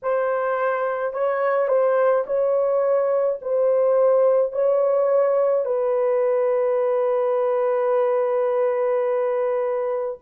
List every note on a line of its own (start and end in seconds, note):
0.02 1.13 C5
1.13 1.67 C#5
1.67 2.24 C5
2.26 3.40 C#5
3.41 4.52 C5
4.52 5.65 C#5
5.65 10.18 B4